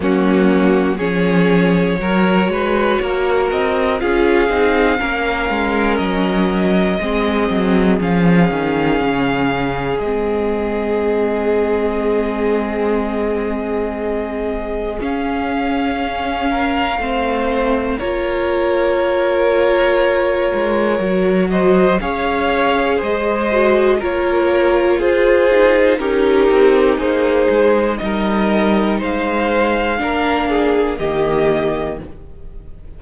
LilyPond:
<<
  \new Staff \with { instrumentName = "violin" } { \time 4/4 \tempo 4 = 60 fis'4 cis''2~ cis''8 dis''8 | f''2 dis''2 | f''2 dis''2~ | dis''2. f''4~ |
f''2 cis''2~ | cis''4. dis''8 f''4 dis''4 | cis''4 c''4 ais'4 c''4 | dis''4 f''2 dis''4 | }
  \new Staff \with { instrumentName = "violin" } { \time 4/4 cis'4 gis'4 ais'8 b'8 ais'4 | gis'4 ais'2 gis'4~ | gis'1~ | gis'1~ |
gis'8 ais'8 c''4 ais'2~ | ais'4. c''8 cis''4 c''4 | ais'4 gis'4 dis'2 | ais'4 c''4 ais'8 gis'8 g'4 | }
  \new Staff \with { instrumentName = "viola" } { \time 4/4 ais4 cis'4 fis'2 | f'8 dis'8 cis'2 c'4 | cis'2 c'2~ | c'2. cis'4~ |
cis'4 c'4 f'2~ | f'4 fis'4 gis'4. fis'8 | f'4. dis'8 g'4 gis'4 | dis'2 d'4 ais4 | }
  \new Staff \with { instrumentName = "cello" } { \time 4/4 fis4 f4 fis8 gis8 ais8 c'8 | cis'8 c'8 ais8 gis8 fis4 gis8 fis8 | f8 dis8 cis4 gis2~ | gis2. cis'4~ |
cis'4 a4 ais2~ | ais8 gis8 fis4 cis'4 gis4 | ais4 f'4 cis'8 c'8 ais8 gis8 | g4 gis4 ais4 dis4 | }
>>